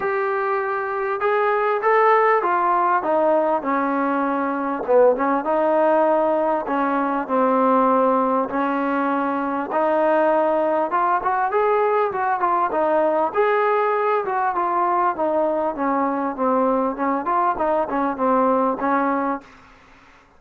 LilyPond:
\new Staff \with { instrumentName = "trombone" } { \time 4/4 \tempo 4 = 99 g'2 gis'4 a'4 | f'4 dis'4 cis'2 | b8 cis'8 dis'2 cis'4 | c'2 cis'2 |
dis'2 f'8 fis'8 gis'4 | fis'8 f'8 dis'4 gis'4. fis'8 | f'4 dis'4 cis'4 c'4 | cis'8 f'8 dis'8 cis'8 c'4 cis'4 | }